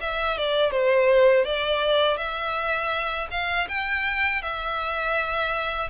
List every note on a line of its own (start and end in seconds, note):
0.00 0.37 E5
0.37 0.71 D5
0.71 1.44 C5
1.44 2.16 D5
2.16 3.28 E5
3.30 3.67 F5
3.68 4.41 G5
4.41 5.90 E5